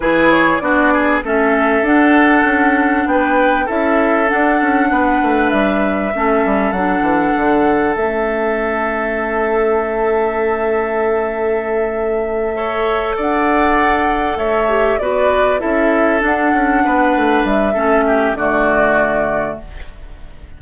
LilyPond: <<
  \new Staff \with { instrumentName = "flute" } { \time 4/4 \tempo 4 = 98 b'8 cis''8 d''4 e''4 fis''4~ | fis''4 g''4 e''4 fis''4~ | fis''4 e''2 fis''4~ | fis''4 e''2.~ |
e''1~ | e''4. fis''2 e''8~ | e''8 d''4 e''4 fis''4.~ | fis''8 e''4. d''2 | }
  \new Staff \with { instrumentName = "oboe" } { \time 4/4 gis'4 fis'8 gis'8 a'2~ | a'4 b'4 a'2 | b'2 a'2~ | a'1~ |
a'1~ | a'8 cis''4 d''2 cis''8~ | cis''8 b'4 a'2 b'8~ | b'4 a'8 g'8 fis'2 | }
  \new Staff \with { instrumentName = "clarinet" } { \time 4/4 e'4 d'4 cis'4 d'4~ | d'2 e'4 d'4~ | d'2 cis'4 d'4~ | d'4 cis'2.~ |
cis'1~ | cis'8 a'2.~ a'8 | g'8 fis'4 e'4 d'4.~ | d'4 cis'4 a2 | }
  \new Staff \with { instrumentName = "bassoon" } { \time 4/4 e4 b4 a4 d'4 | cis'4 b4 cis'4 d'8 cis'8 | b8 a8 g4 a8 g8 fis8 e8 | d4 a2.~ |
a1~ | a4. d'2 a8~ | a8 b4 cis'4 d'8 cis'8 b8 | a8 g8 a4 d2 | }
>>